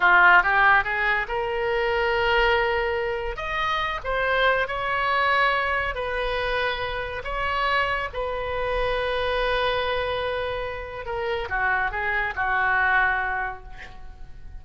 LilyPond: \new Staff \with { instrumentName = "oboe" } { \time 4/4 \tempo 4 = 141 f'4 g'4 gis'4 ais'4~ | ais'1 | dis''4. c''4. cis''4~ | cis''2 b'2~ |
b'4 cis''2 b'4~ | b'1~ | b'2 ais'4 fis'4 | gis'4 fis'2. | }